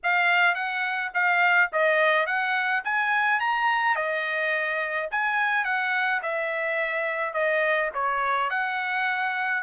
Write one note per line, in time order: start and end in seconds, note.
0.03 0.54 F5
0.54 1.11 F#5
1.13 1.70 F5
1.72 2.26 D#5
2.26 2.83 F#5
2.84 3.40 G#5
3.40 3.95 A#5
3.95 5.08 D#5
5.11 5.64 G#5
5.64 6.21 F#5
6.22 7.33 E5
7.33 7.90 D#5
7.93 8.50 C#5
8.50 9.63 F#5